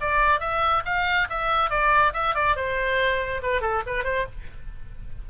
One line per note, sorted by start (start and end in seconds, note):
0.00 0.40 D5
0.40 0.83 E5
0.85 1.28 F5
1.29 1.69 E5
1.69 2.12 D5
2.13 2.34 E5
2.34 2.56 D5
2.56 3.41 C5
3.42 3.61 B4
3.61 3.82 A4
3.86 4.04 B4
4.04 4.25 C5